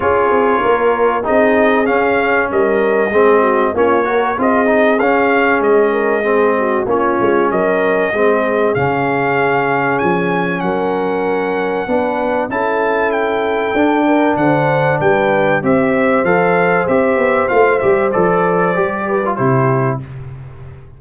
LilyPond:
<<
  \new Staff \with { instrumentName = "trumpet" } { \time 4/4 \tempo 4 = 96 cis''2 dis''4 f''4 | dis''2 cis''4 dis''4 | f''4 dis''2 cis''4 | dis''2 f''2 |
gis''4 fis''2. | a''4 g''2 fis''4 | g''4 e''4 f''4 e''4 | f''8 e''8 d''2 c''4 | }
  \new Staff \with { instrumentName = "horn" } { \time 4/4 gis'4 ais'4 gis'2 | ais'4 gis'8 fis'8 f'8 ais'8 gis'4~ | gis'4. ais'8 gis'8 fis'8 f'4 | ais'4 gis'2.~ |
gis'4 ais'2 b'4 | a'2~ a'8 ais'8 c''4 | b'4 c''2.~ | c''2~ c''8 b'8 g'4 | }
  \new Staff \with { instrumentName = "trombone" } { \time 4/4 f'2 dis'4 cis'4~ | cis'4 c'4 cis'8 fis'8 f'8 dis'8 | cis'2 c'4 cis'4~ | cis'4 c'4 cis'2~ |
cis'2. d'4 | e'2 d'2~ | d'4 g'4 a'4 g'4 | f'8 g'8 a'4 g'8. f'16 e'4 | }
  \new Staff \with { instrumentName = "tuba" } { \time 4/4 cis'8 c'8 ais4 c'4 cis'4 | g4 gis4 ais4 c'4 | cis'4 gis2 ais8 gis8 | fis4 gis4 cis2 |
f4 fis2 b4 | cis'2 d'4 d4 | g4 c'4 f4 c'8 b8 | a8 g8 f4 g4 c4 | }
>>